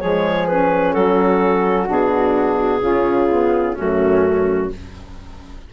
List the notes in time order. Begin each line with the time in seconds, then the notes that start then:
0.00 F3 G#3 G#4 C#5
0.47 C#4 B4
0.93 F#3 F#4 A4
1.86 B2 D4 G#4
2.81 C#3 C#4 F4
3.29 B3
3.75 F#2 A3 C#4 F#4